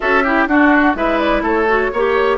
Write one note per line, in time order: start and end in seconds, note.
0.00 0.47 C#4
0.00 0.24 F#4
0.00 0.23 A4
0.00 0.47 E5
0.23 0.48 E4
0.23 0.47 G4
0.47 0.94 D4
0.47 0.95 D4
0.47 0.96 F#4
0.47 0.95 F#5
0.94 1.41 G#3
0.94 1.67 E4
0.94 1.42 B4
0.94 1.18 E5
1.18 1.42 D5
1.41 1.89 A3
1.41 1.90 A4
1.41 2.37 C#5
1.67 1.91 F#4
1.93 2.37 A#3
1.93 2.37 G4
1.93 2.37 C#5